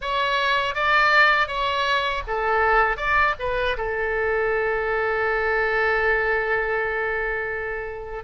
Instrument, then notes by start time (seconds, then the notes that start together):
oboe
0.01 C#5
0.75 D5
1.47 C#5
2.27 A4
2.96 D5
3.39 B4
3.77 A4